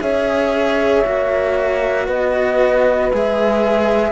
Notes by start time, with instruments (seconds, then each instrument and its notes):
0.00 cello C#4 G#4, horn C#5, flute E5
1.04 cello A#3 F#4
2.07 cello B3, horn B4, flute D#5
3.13 cello G#3 G#4, flute E5